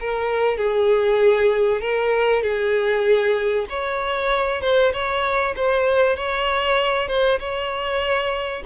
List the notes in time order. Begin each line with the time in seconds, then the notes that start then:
0.00 A#4
0.57 G#4
1.81 A#4
2.43 G#4
3.69 C#5
4.62 C5
4.93 C#5
5.56 C5
6.17 C#5
7.08 C5
7.39 C#5